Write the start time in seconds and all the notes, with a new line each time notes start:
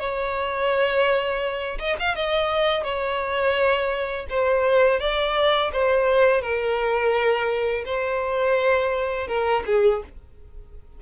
0.00 C#5
1.79 D#5
1.99 F5
2.16 D#5
2.84 C#5
4.30 C5
5.00 D5
5.73 C5
6.42 A#4
7.85 C5
9.28 A#4
9.66 G#4